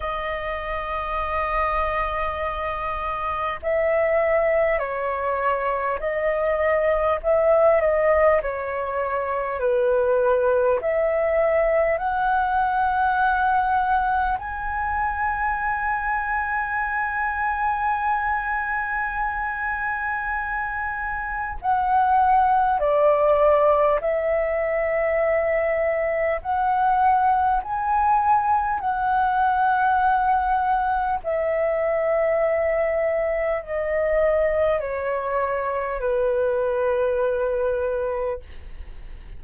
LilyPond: \new Staff \with { instrumentName = "flute" } { \time 4/4 \tempo 4 = 50 dis''2. e''4 | cis''4 dis''4 e''8 dis''8 cis''4 | b'4 e''4 fis''2 | gis''1~ |
gis''2 fis''4 d''4 | e''2 fis''4 gis''4 | fis''2 e''2 | dis''4 cis''4 b'2 | }